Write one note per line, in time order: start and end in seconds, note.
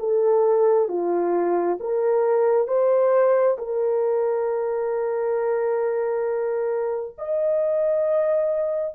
0.00 0.89 A4
0.89 1.78 F4
1.80 2.68 A#4
2.68 3.58 C5
3.58 7.16 A#4
7.18 8.95 D#5